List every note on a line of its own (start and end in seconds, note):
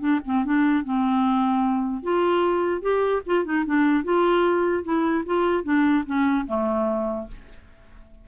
0.00 0.20 D4
0.25 0.45 C4
0.45 0.84 D4
0.84 2.03 C4
2.03 2.82 F4
2.82 3.22 G4
3.26 3.45 F4
3.45 3.65 D#4
3.66 4.04 D4
4.04 4.84 F4
4.84 5.24 E4
5.26 5.64 F4
5.64 6.04 D4
6.06 6.46 C#4
6.47 7.28 A3